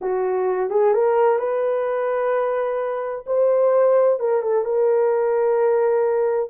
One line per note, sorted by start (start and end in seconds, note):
0.01 0.70 F#4
0.70 0.93 G#4
0.93 1.38 A#4
1.38 3.24 B4
3.26 4.19 C5
4.19 4.42 A#4
4.42 4.64 A4
4.64 6.49 A#4